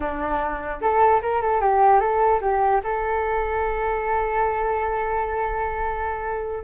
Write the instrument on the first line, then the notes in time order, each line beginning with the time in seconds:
flute
0.00 D4
0.81 A4
1.22 A#4
1.41 A4
1.60 G4
2.00 A4
2.41 G4
2.83 A4